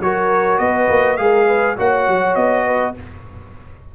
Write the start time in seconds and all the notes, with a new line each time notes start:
0.00 F#3 F#4 A#4 C#5
0.58 B3 B4 D#5
0.89 A#3
1.17 G#3 G#4 A#4 F5
1.46 B4
1.77 A#3 F#4 C#5 F#5
2.07 F#3
2.35 B3 D#5
2.66 B4